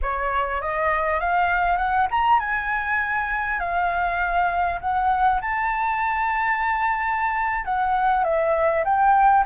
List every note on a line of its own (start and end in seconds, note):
0.02 0.61 C#5
0.61 1.19 D#5
1.19 1.77 F5
1.77 2.07 F#5
2.11 2.39 A#5
2.39 3.59 G#5
3.59 4.79 F5
4.80 5.40 F#5
5.41 7.64 A5
7.64 8.24 F#5
8.24 8.84 E5
8.84 9.44 G5